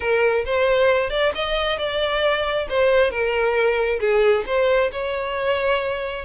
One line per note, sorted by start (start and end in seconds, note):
0.00 0.44 A#4
0.45 1.10 C5
1.10 1.32 D5
1.34 1.78 D#5
1.78 2.67 D5
2.69 3.11 C5
3.11 3.99 A#4
4.00 4.44 G#4
4.46 4.90 C5
4.92 6.25 C#5